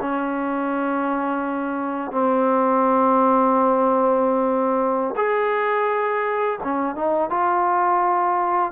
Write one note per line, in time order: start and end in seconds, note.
0.00 2.11 C#4
2.11 5.14 C4
5.16 6.58 G#4
6.63 6.95 C#4
6.95 7.29 D#4
7.29 8.72 F4